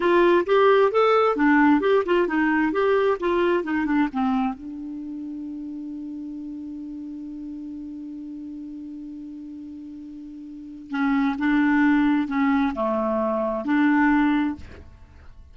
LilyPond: \new Staff \with { instrumentName = "clarinet" } { \time 4/4 \tempo 4 = 132 f'4 g'4 a'4 d'4 | g'8 f'8 dis'4 g'4 f'4 | dis'8 d'8 c'4 d'2~ | d'1~ |
d'1~ | d'1 | cis'4 d'2 cis'4 | a2 d'2 | }